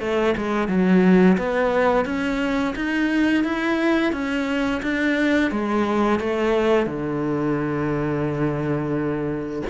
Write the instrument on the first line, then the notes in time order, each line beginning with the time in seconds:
cello
0.00 A3
0.37 G#3
0.68 F#3
1.38 B3
2.05 C#4
2.76 D#4
3.44 E4
4.13 C#4
4.83 D4
5.51 G#3
6.20 A3
6.87 D3